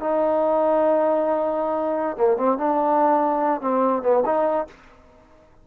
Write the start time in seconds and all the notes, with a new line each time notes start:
0.00 D#4
2.17 A#3
2.37 C4
2.58 D4
3.61 C4
4.03 B3
4.26 D#4